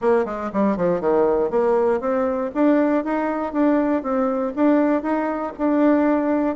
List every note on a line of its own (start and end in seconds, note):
0.01 0.25 A#3
0.25 0.50 G#3
0.52 0.76 G3
0.76 1.00 F3
1.00 1.50 D#3
1.50 2.00 A#3
2.00 2.50 C4
2.54 3.04 D4
3.04 3.52 D#4
3.52 4.02 D4
4.02 4.53 C4
4.55 5.02 D4
5.02 5.52 D#4
5.57 6.56 D4